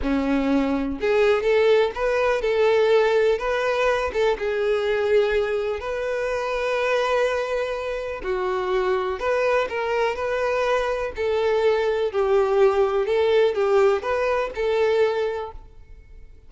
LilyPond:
\new Staff \with { instrumentName = "violin" } { \time 4/4 \tempo 4 = 124 cis'2 gis'4 a'4 | b'4 a'2 b'4~ | b'8 a'8 gis'2. | b'1~ |
b'4 fis'2 b'4 | ais'4 b'2 a'4~ | a'4 g'2 a'4 | g'4 b'4 a'2 | }